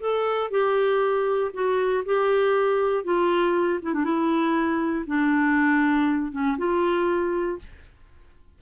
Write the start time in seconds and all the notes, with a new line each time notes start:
0.00 A4
0.50 G4
1.53 F#4
2.05 G4
3.04 F4
3.82 E4
3.94 D4
4.04 E4
5.06 D4
6.32 C#4
6.58 F4